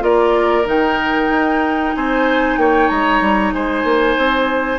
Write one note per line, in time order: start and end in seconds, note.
0.00 0.66 A#3
0.00 0.64 F4
0.00 1.95 A#4
0.00 0.67 D5
0.65 1.29 D#3
0.65 4.79 D#4
0.65 1.96 G5
1.29 1.93 D#4
1.96 2.57 C4
1.96 2.60 C5
1.96 2.58 G#5
2.57 2.89 A#3
2.57 3.54 C#5
2.57 2.89 G5
2.89 3.21 G#3
2.89 3.52 A#5
3.21 3.53 G3
3.53 3.84 G#3
3.53 4.79 C5
3.53 4.79 G#5
3.84 4.16 A#3
4.18 4.79 C4